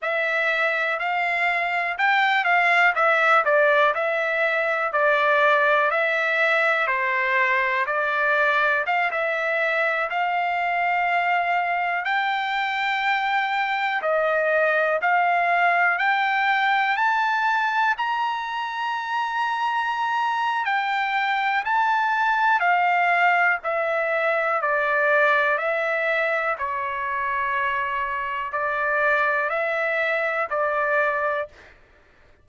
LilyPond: \new Staff \with { instrumentName = "trumpet" } { \time 4/4 \tempo 4 = 61 e''4 f''4 g''8 f''8 e''8 d''8 | e''4 d''4 e''4 c''4 | d''4 f''16 e''4 f''4.~ f''16~ | f''16 g''2 dis''4 f''8.~ |
f''16 g''4 a''4 ais''4.~ ais''16~ | ais''4 g''4 a''4 f''4 | e''4 d''4 e''4 cis''4~ | cis''4 d''4 e''4 d''4 | }